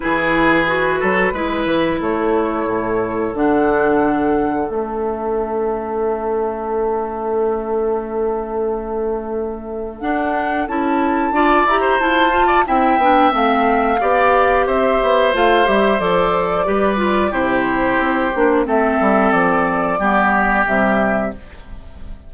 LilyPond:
<<
  \new Staff \with { instrumentName = "flute" } { \time 4/4 \tempo 4 = 90 b'2. cis''4~ | cis''4 fis''2 e''4~ | e''1~ | e''2. fis''4 |
a''4. ais''8 a''4 g''4 | f''2 e''4 f''8 e''8 | d''2 c''2 | e''4 d''2 e''4 | }
  \new Staff \with { instrumentName = "oboe" } { \time 4/4 gis'4. a'8 b'4 a'4~ | a'1~ | a'1~ | a'1~ |
a'4 d''8. c''4 d''16 e''4~ | e''4 d''4 c''2~ | c''4 b'4 g'2 | a'2 g'2 | }
  \new Staff \with { instrumentName = "clarinet" } { \time 4/4 e'4 fis'4 e'2~ | e'4 d'2 cis'4~ | cis'1~ | cis'2. d'4 |
e'4 f'8 g'8 e'8 f'8 e'8 d'8 | c'4 g'2 f'8 g'8 | a'4 g'8 f'8 e'4. d'8 | c'2 b4 g4 | }
  \new Staff \with { instrumentName = "bassoon" } { \time 4/4 e4. fis8 gis8 e8 a4 | a,4 d2 a4~ | a1~ | a2. d'4 |
cis'4 d'8 e'8 f'4 c'8 b8 | a4 b4 c'8 b8 a8 g8 | f4 g4 c4 c'8 ais8 | a8 g8 f4 g4 c4 | }
>>